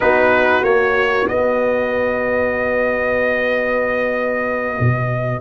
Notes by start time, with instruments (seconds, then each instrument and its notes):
0.00 tuba B3, trombone D#4, horn F#4, trumpet B4
0.63 tuba A#3, trombone F#4, trumpet C#5
1.28 tuba B3, horn B4, trumpet D#5
4.79 tuba B2